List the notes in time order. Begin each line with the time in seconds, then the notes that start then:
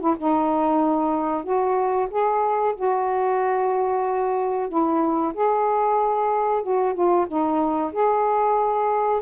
0.00 E4
0.18 D#4
1.44 F#4
2.11 G#4
2.76 F#4
4.69 E4
5.34 G#4
6.63 F#4
6.94 F4
7.28 D#4
7.93 G#4